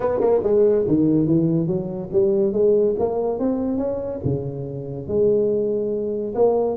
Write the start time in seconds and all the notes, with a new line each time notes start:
0.00 B3
0.20 A#3
0.43 G#3
0.87 D#3
1.27 E3
1.67 F#3
2.12 G3
2.52 G#3
2.98 A#3
3.39 C4
3.77 C#4
4.24 C#3
5.07 G#3
6.35 A#3